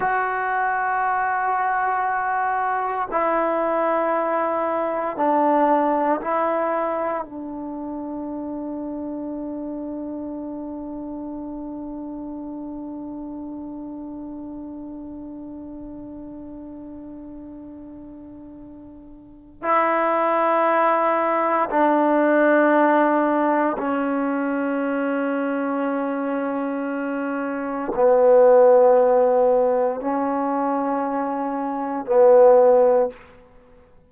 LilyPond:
\new Staff \with { instrumentName = "trombone" } { \time 4/4 \tempo 4 = 58 fis'2. e'4~ | e'4 d'4 e'4 d'4~ | d'1~ | d'1~ |
d'2. e'4~ | e'4 d'2 cis'4~ | cis'2. b4~ | b4 cis'2 b4 | }